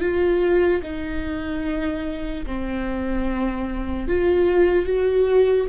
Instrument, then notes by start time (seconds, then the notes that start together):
viola
0.00 F4
0.83 D#4
2.45 C4
4.08 F4
4.85 F#4